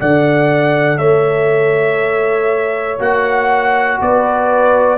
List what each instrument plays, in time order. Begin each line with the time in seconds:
0.00 tuba D3, trombone A4, horn D5, trumpet F#5
0.98 tuba A3, horn C#5, trumpet E5
2.99 tuba A#3, trombone F#4, trumpet F#5
4.01 tuba B3, horn B4, trumpet D5